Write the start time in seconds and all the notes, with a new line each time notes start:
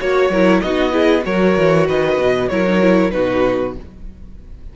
0.00 A#3 F#4 C#5
0.30 F#3 E4 A#4
0.61 B3 D#4 F#4 D#5
0.91 E4 G#4
1.22 F#3 F#4 A#4 C#5
1.57 E3
1.87 D#3 B4 D#5
2.18 B2
2.49 F#3 E4 A#4 C#5
2.67 D#4
2.81 E4
3.11 B2 D#4 F#4 B4